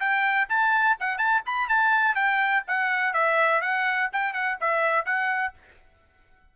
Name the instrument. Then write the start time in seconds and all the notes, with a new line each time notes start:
trumpet
0.00 G5
0.49 A5
1.00 F#5
1.18 A5
1.46 B5
1.69 A5
2.15 G5
2.68 F#5
3.13 E5
3.61 F#5
4.13 G5
4.33 F#5
4.61 E5
5.06 F#5